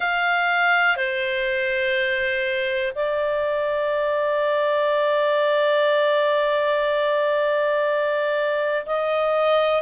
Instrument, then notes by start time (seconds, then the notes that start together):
clarinet
0.00 F5
0.96 C5
2.95 D5
8.86 D#5